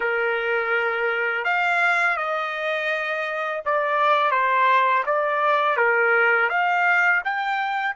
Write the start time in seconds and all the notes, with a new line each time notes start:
0.00 A#4
1.44 F5
2.17 D#5
3.65 D5
4.31 C5
5.06 D5
5.76 A#4
6.49 F5
7.24 G5